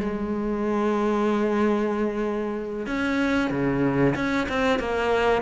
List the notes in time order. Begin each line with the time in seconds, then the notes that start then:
0.00 G#3
2.86 C#4
3.50 C#3
4.15 C#4
4.49 C4
4.79 A#3